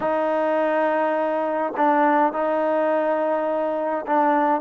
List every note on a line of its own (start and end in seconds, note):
0.00 1.73 D#4
1.76 2.32 D4
2.32 4.05 D#4
4.06 4.61 D4